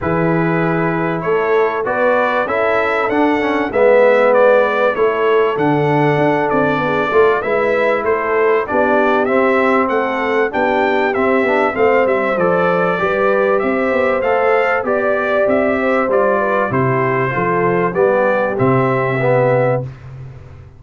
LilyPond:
<<
  \new Staff \with { instrumentName = "trumpet" } { \time 4/4 \tempo 4 = 97 b'2 cis''4 d''4 | e''4 fis''4 e''4 d''4 | cis''4 fis''4. d''4. | e''4 c''4 d''4 e''4 |
fis''4 g''4 e''4 f''8 e''8 | d''2 e''4 f''4 | d''4 e''4 d''4 c''4~ | c''4 d''4 e''2 | }
  \new Staff \with { instrumentName = "horn" } { \time 4/4 gis'2 a'4 b'4 | a'2 b'2 | a'2. gis'8 a'8 | b'4 a'4 g'2 |
a'4 g'2 c''4~ | c''4 b'4 c''2 | d''4. c''4 b'8 g'4 | a'4 g'2. | }
  \new Staff \with { instrumentName = "trombone" } { \time 4/4 e'2. fis'4 | e'4 d'8 cis'8 b2 | e'4 d'2~ d'8 f'8 | e'2 d'4 c'4~ |
c'4 d'4 c'8 d'8 c'4 | a'4 g'2 a'4 | g'2 f'4 e'4 | f'4 b4 c'4 b4 | }
  \new Staff \with { instrumentName = "tuba" } { \time 4/4 e2 a4 b4 | cis'4 d'4 gis2 | a4 d4 d'8 c'8 b8 a8 | gis4 a4 b4 c'4 |
a4 b4 c'8 b8 a8 g8 | f4 g4 c'8 b8 a4 | b4 c'4 g4 c4 | f4 g4 c2 | }
>>